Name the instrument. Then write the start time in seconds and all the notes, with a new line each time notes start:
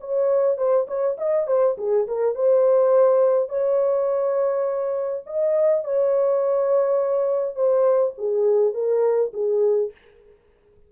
horn
0.00 C#5
0.57 C5
0.87 C#5
1.18 D#5
1.47 C5
1.78 G#4
2.07 A#4
2.35 C5
3.49 C#5
5.26 D#5
5.84 C#5
7.55 C5
8.18 G#4
8.74 A#4
9.33 G#4